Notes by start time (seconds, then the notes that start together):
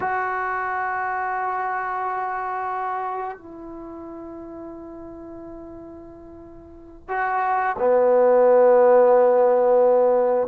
0.00 F#4
3.37 E4
7.08 F#4
7.78 B3